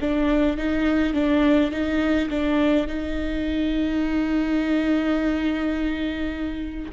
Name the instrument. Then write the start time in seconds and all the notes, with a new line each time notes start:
viola
0.00 D4
0.57 D#4
1.13 D4
1.71 D#4
2.29 D4
2.87 D#4